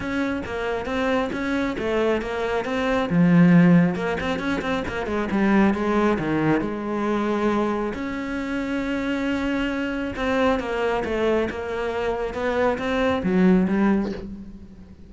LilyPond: \new Staff \with { instrumentName = "cello" } { \time 4/4 \tempo 4 = 136 cis'4 ais4 c'4 cis'4 | a4 ais4 c'4 f4~ | f4 ais8 c'8 cis'8 c'8 ais8 gis8 | g4 gis4 dis4 gis4~ |
gis2 cis'2~ | cis'2. c'4 | ais4 a4 ais2 | b4 c'4 fis4 g4 | }